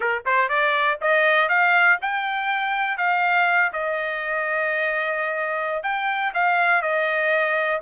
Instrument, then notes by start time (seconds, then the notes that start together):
trumpet
0.00 A#4
0.25 C5
0.48 D5
1.01 D#5
1.49 F5
2.01 G5
2.97 F5
3.72 D#5
5.83 G5
6.33 F5
6.82 D#5